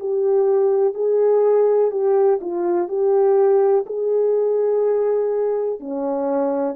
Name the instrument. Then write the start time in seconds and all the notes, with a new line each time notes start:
horn
0.00 G4
0.95 G#4
1.91 G4
2.41 F4
2.89 G4
3.86 G#4
5.80 C#4